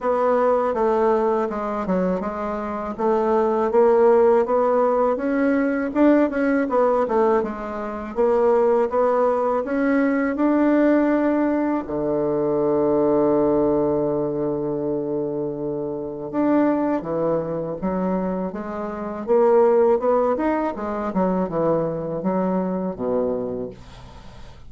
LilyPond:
\new Staff \with { instrumentName = "bassoon" } { \time 4/4 \tempo 4 = 81 b4 a4 gis8 fis8 gis4 | a4 ais4 b4 cis'4 | d'8 cis'8 b8 a8 gis4 ais4 | b4 cis'4 d'2 |
d1~ | d2 d'4 e4 | fis4 gis4 ais4 b8 dis'8 | gis8 fis8 e4 fis4 b,4 | }